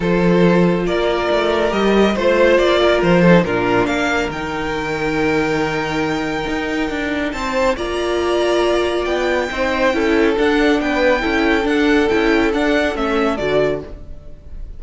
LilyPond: <<
  \new Staff \with { instrumentName = "violin" } { \time 4/4 \tempo 4 = 139 c''2 d''2 | dis''4 c''4 d''4 c''4 | ais'4 f''4 g''2~ | g''1~ |
g''4 a''4 ais''2~ | ais''4 g''2. | fis''4 g''2 fis''4 | g''4 fis''4 e''4 d''4 | }
  \new Staff \with { instrumentName = "violin" } { \time 4/4 a'2 ais'2~ | ais'4 c''4. ais'4 a'8 | f'4 ais'2.~ | ais'1~ |
ais'4 c''4 d''2~ | d''2 c''4 a'4~ | a'4 b'4 a'2~ | a'1 | }
  \new Staff \with { instrumentName = "viola" } { \time 4/4 f'1 | g'4 f'2~ f'8 dis'8 | d'2 dis'2~ | dis'1~ |
dis'2 f'2~ | f'2 dis'4 e'4 | d'2 e'4 d'4 | e'4 d'4 cis'4 fis'4 | }
  \new Staff \with { instrumentName = "cello" } { \time 4/4 f2 ais4 a4 | g4 a4 ais4 f4 | ais,4 ais4 dis2~ | dis2. dis'4 |
d'4 c'4 ais2~ | ais4 b4 c'4 cis'4 | d'4 b4 cis'4 d'4 | cis'4 d'4 a4 d4 | }
>>